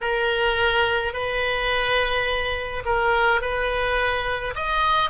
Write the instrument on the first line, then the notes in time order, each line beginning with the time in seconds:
oboe
0.01 A#4
1.13 B4
2.85 A#4
3.41 B4
4.55 D#5